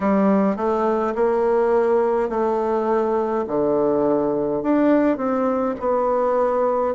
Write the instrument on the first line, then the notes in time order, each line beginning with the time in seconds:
bassoon
0.00 G3
0.56 A3
1.15 A#3
2.29 A3
3.47 D3
4.63 D4
5.17 C4
5.79 B3